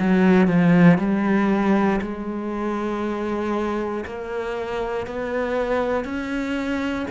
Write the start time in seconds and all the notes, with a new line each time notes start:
0.00 F#3
0.48 F3
0.99 G3
2.02 G#3
4.06 A#3
5.07 B3
6.05 C#4